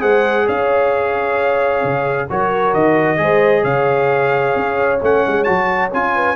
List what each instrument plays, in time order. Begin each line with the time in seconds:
0.00 tuba G#3, trombone G#4, horn C5, trumpet F#5
0.47 tuba C#4, horn C#5, trumpet F5
1.84 tuba C#3
2.30 tuba F#3, trombone F#4, horn A#4, trumpet C#5
2.74 tuba D#3, trumpet D#5
3.17 tuba G#3, trombone G#4, horn C5
3.63 tuba C#3, horn C#5, trumpet F5
4.56 tuba C#4
5.02 tuba A3, trombone C#4, trumpet F#5
5.27 tuba G#3
5.44 tuba F#3, trombone F#4, trumpet A5
5.94 tuba C#4, trombone F4, trumpet G#5
6.15 horn B4